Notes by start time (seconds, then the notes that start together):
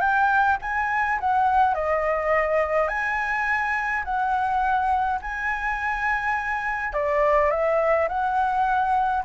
0.00 G5
0.62 G#5
1.20 F#5
1.75 D#5
2.88 G#5
4.04 F#5
5.22 G#5
6.93 D5
7.51 E5
8.08 F#5